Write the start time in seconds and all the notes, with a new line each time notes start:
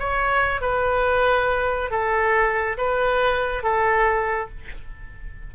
0.00 C#5
0.61 B4
1.91 A4
2.78 B4
3.64 A4